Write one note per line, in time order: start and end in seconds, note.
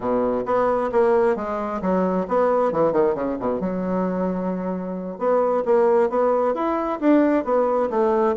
0.00 0.44 B2
0.45 0.90 B3
0.92 1.36 A#3
1.36 1.81 G#3
1.81 2.26 F#3
2.28 2.72 B3
2.72 2.92 E3
2.92 3.14 D#3
3.14 3.37 C#3
3.39 3.60 B2
3.60 5.18 F#3
5.18 5.63 B3
5.65 6.09 A#3
6.09 6.54 B3
6.54 6.99 E4
6.99 7.44 D4
7.44 7.89 B3
7.90 8.35 A3